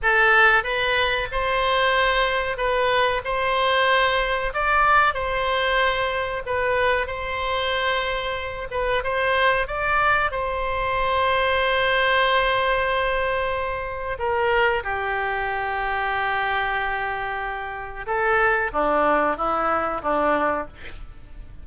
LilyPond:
\new Staff \with { instrumentName = "oboe" } { \time 4/4 \tempo 4 = 93 a'4 b'4 c''2 | b'4 c''2 d''4 | c''2 b'4 c''4~ | c''4. b'8 c''4 d''4 |
c''1~ | c''2 ais'4 g'4~ | g'1 | a'4 d'4 e'4 d'4 | }